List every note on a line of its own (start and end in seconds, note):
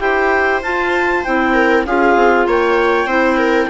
0.00 0.62 E4
0.00 0.62 G4
0.00 1.54 C5
0.00 0.62 G5
0.62 1.24 F4
0.62 1.25 F4
0.62 1.24 A5
1.24 1.87 C4
1.24 1.87 E4
1.24 1.86 G5
1.54 1.85 A#4
1.86 2.16 C#4
1.86 3.08 F4
1.86 2.48 G#4
1.86 2.48 F5
2.16 2.47 C4
2.47 3.06 A#3
2.47 3.08 C#5
2.47 3.70 G5
3.06 3.68 C4
3.06 3.70 E4
3.06 3.37 C5
3.37 3.68 A#4